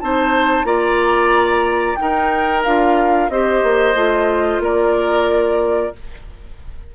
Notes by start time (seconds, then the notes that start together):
0.00 C4 D#4 C5 A5
0.65 A#3 F4 D5 A#5
1.96 D#4 A#4 G5
2.64 D4 F4 F5
3.30 C4 G4 C5 D#5
3.63 A#3
3.95 A3 F4
4.60 A#3 A#4 D5